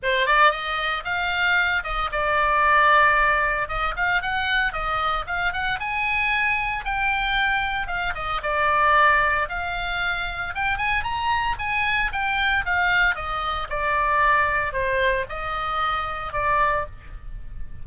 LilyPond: \new Staff \with { instrumentName = "oboe" } { \time 4/4 \tempo 4 = 114 c''8 d''8 dis''4 f''4. dis''8 | d''2. dis''8 f''8 | fis''4 dis''4 f''8 fis''8 gis''4~ | gis''4 g''2 f''8 dis''8 |
d''2 f''2 | g''8 gis''8 ais''4 gis''4 g''4 | f''4 dis''4 d''2 | c''4 dis''2 d''4 | }